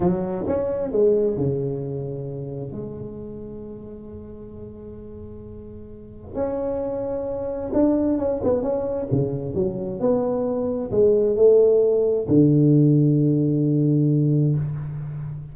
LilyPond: \new Staff \with { instrumentName = "tuba" } { \time 4/4 \tempo 4 = 132 fis4 cis'4 gis4 cis4~ | cis2 gis2~ | gis1~ | gis2 cis'2~ |
cis'4 d'4 cis'8 b8 cis'4 | cis4 fis4 b2 | gis4 a2 d4~ | d1 | }